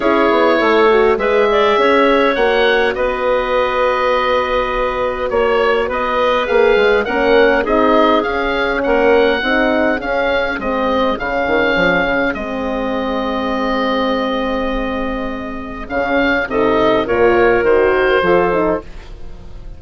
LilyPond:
<<
  \new Staff \with { instrumentName = "oboe" } { \time 4/4 \tempo 4 = 102 cis''2 e''2 | fis''4 dis''2.~ | dis''4 cis''4 dis''4 f''4 | fis''4 dis''4 f''4 fis''4~ |
fis''4 f''4 dis''4 f''4~ | f''4 dis''2.~ | dis''2. f''4 | dis''4 cis''4 c''2 | }
  \new Staff \with { instrumentName = "clarinet" } { \time 4/4 gis'4 a'4 b'8 d''8 cis''4~ | cis''4 b'2.~ | b'4 cis''4 b'2 | ais'4 gis'2 ais'4 |
gis'1~ | gis'1~ | gis'1 | a'4 ais'2 a'4 | }
  \new Staff \with { instrumentName = "horn" } { \time 4/4 e'4. fis'8 gis'2 | fis'1~ | fis'2. gis'4 | cis'4 dis'4 cis'2 |
dis'4 cis'4 c'4 cis'4~ | cis'4 c'2.~ | c'2. cis'4 | dis'4 f'4 fis'4 f'8 dis'8 | }
  \new Staff \with { instrumentName = "bassoon" } { \time 4/4 cis'8 b8 a4 gis4 cis'4 | ais4 b2.~ | b4 ais4 b4 ais8 gis8 | ais4 c'4 cis'4 ais4 |
c'4 cis'4 gis4 cis8 dis8 | f8 cis8 gis2.~ | gis2. cis4 | c4 ais,4 dis4 f4 | }
>>